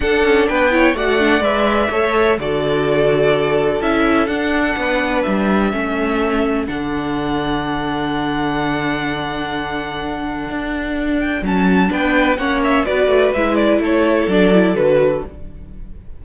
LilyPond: <<
  \new Staff \with { instrumentName = "violin" } { \time 4/4 \tempo 4 = 126 fis''4 g''4 fis''4 e''4~ | e''4 d''2. | e''4 fis''2 e''4~ | e''2 fis''2~ |
fis''1~ | fis''2.~ fis''8 g''8 | a''4 g''4 fis''8 e''8 d''4 | e''8 d''8 cis''4 d''4 b'4 | }
  \new Staff \with { instrumentName = "violin" } { \time 4/4 a'4 b'8 cis''8 d''2 | cis''4 a'2.~ | a'2 b'2 | a'1~ |
a'1~ | a'1~ | a'4 b'4 cis''4 b'4~ | b'4 a'2. | }
  \new Staff \with { instrumentName = "viola" } { \time 4/4 d'4. e'8 fis'8 d'8 b'4 | a'4 fis'2. | e'4 d'2. | cis'2 d'2~ |
d'1~ | d'1 | cis'4 d'4 cis'4 fis'4 | e'2 d'8 e'8 fis'4 | }
  \new Staff \with { instrumentName = "cello" } { \time 4/4 d'8 cis'8 b4 a4 gis4 | a4 d2. | cis'4 d'4 b4 g4 | a2 d2~ |
d1~ | d2 d'2 | fis4 b4 ais4 b8 a8 | gis4 a4 fis4 d4 | }
>>